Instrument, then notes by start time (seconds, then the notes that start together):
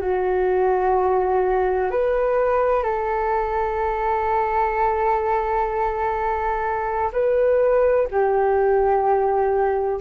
flute
0.00 F#4
1.90 B4
2.83 A4
7.12 B4
8.10 G4